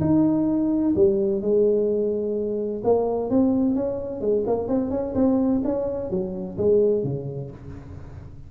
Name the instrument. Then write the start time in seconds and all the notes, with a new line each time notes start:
tuba
0.00 D#4
0.95 G3
1.41 G#3
2.84 A#3
3.29 C4
3.75 C#4
4.20 G#3
4.47 A#3
4.67 C4
4.90 C#4
5.15 C4
5.64 C#4
6.10 F#3
6.57 G#3
7.03 C#3